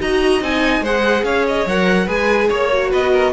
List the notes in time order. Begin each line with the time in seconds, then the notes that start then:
0.00 D#4 F#4 D#5 A#5
0.42 C4 D#4 G#5
0.82 G#3 G#4 C5 F#5
1.24 C#4 C#5 F5
1.48 D#5
1.66 F#3 A#4 F#5
2.06 G#3 G#4 B4 G#5
2.49 A#3 C#5
2.73 F#4
2.91 B3 B4 D#5
3.12 A#4